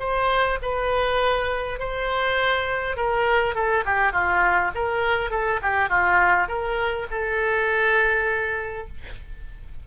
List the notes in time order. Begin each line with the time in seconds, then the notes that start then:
0.00 C5
0.63 B4
1.80 C5
2.97 A#4
3.55 A4
3.86 G4
4.13 F4
4.75 A#4
5.31 A4
5.63 G4
5.90 F4
6.48 A#4
7.11 A4